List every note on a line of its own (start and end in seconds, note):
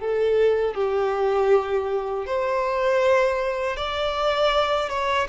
0.00 0.75 A4
0.75 2.27 G4
2.27 3.77 C5
3.77 4.90 D5
4.90 5.28 C#5